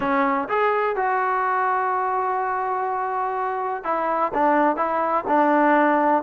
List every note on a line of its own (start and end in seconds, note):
0.00 0.48 C#4
0.48 0.96 G#4
0.96 3.84 F#4
3.84 4.32 E4
4.33 4.76 D4
4.76 5.24 E4
5.27 6.23 D4